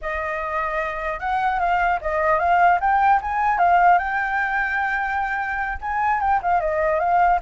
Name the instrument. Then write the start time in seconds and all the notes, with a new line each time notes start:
flute
0.01 D#5
1.19 F#5
1.59 F5
2.01 D#5
2.39 F5
2.80 G5
3.21 G#5
3.58 F5
3.98 G5
5.81 G#5
6.20 G5
6.42 F5
6.60 D#5
6.99 F5